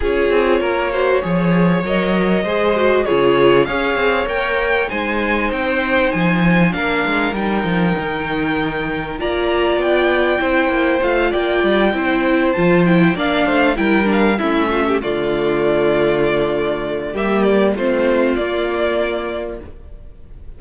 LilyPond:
<<
  \new Staff \with { instrumentName = "violin" } { \time 4/4 \tempo 4 = 98 cis''2. dis''4~ | dis''4 cis''4 f''4 g''4 | gis''4 g''4 gis''4 f''4 | g''2. ais''4 |
g''2 f''8 g''4.~ | g''8 a''8 g''8 f''4 g''8 f''8 e''8~ | e''8 d''2.~ d''8 | e''8 d''8 c''4 d''2 | }
  \new Staff \with { instrumentName = "violin" } { \time 4/4 gis'4 ais'8 c''8 cis''2 | c''4 gis'4 cis''2 | c''2. ais'4~ | ais'2. d''4~ |
d''4 c''4. d''4 c''8~ | c''4. d''8 c''8 ais'4 e'8 | f'16 g'16 f'2.~ f'8 | g'4 f'2. | }
  \new Staff \with { instrumentName = "viola" } { \time 4/4 f'4. fis'8 gis'4 ais'4 | gis'8 fis'8 f'4 gis'4 ais'4 | dis'2. d'4 | dis'2. f'4~ |
f'4 e'4 f'4. e'8~ | e'8 f'8 e'8 d'4 e'8 d'8 cis'8~ | cis'8 a2.~ a8 | ais4 c'4 ais2 | }
  \new Staff \with { instrumentName = "cello" } { \time 4/4 cis'8 c'8 ais4 f4 fis4 | gis4 cis4 cis'8 c'8 ais4 | gis4 c'4 f4 ais8 gis8 | g8 f8 dis2 ais4 |
b4 c'8 ais8 a8 ais8 g8 c'8~ | c'8 f4 ais8 a8 g4 a8~ | a8 d2.~ d8 | g4 a4 ais2 | }
>>